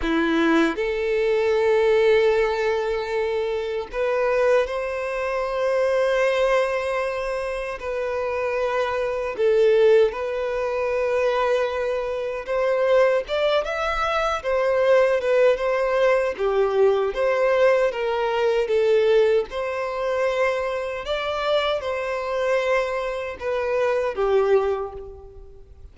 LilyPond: \new Staff \with { instrumentName = "violin" } { \time 4/4 \tempo 4 = 77 e'4 a'2.~ | a'4 b'4 c''2~ | c''2 b'2 | a'4 b'2. |
c''4 d''8 e''4 c''4 b'8 | c''4 g'4 c''4 ais'4 | a'4 c''2 d''4 | c''2 b'4 g'4 | }